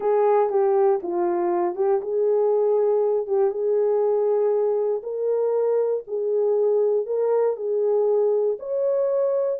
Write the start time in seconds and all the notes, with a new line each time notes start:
0.00 G#4
0.49 G4
1.02 F4
1.75 G4
2.01 G#4
3.26 G4
3.50 G#4
5.03 A#4
6.07 G#4
7.06 A#4
7.56 G#4
8.59 C#5